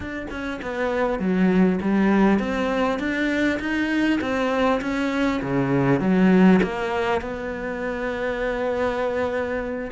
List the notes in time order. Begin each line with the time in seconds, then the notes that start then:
0.00 D4
0.30 C#4
0.61 B3
1.19 F#3
1.81 G3
2.39 C4
2.99 D4
3.59 D#4
4.21 C4
4.81 C#4
5.42 C#3
6.00 F#3
6.62 A#3
7.21 B3